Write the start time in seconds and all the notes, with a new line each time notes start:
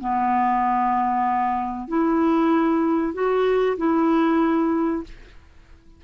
0.00 B3
1.88 E4
3.13 F#4
3.77 E4